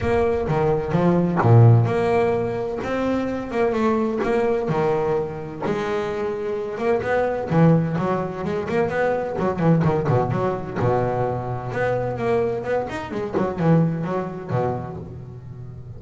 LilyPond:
\new Staff \with { instrumentName = "double bass" } { \time 4/4 \tempo 4 = 128 ais4 dis4 f4 ais,4 | ais2 c'4. ais8 | a4 ais4 dis2 | gis2~ gis8 ais8 b4 |
e4 fis4 gis8 ais8 b4 | fis8 e8 dis8 b,8 fis4 b,4~ | b,4 b4 ais4 b8 dis'8 | gis8 fis8 e4 fis4 b,4 | }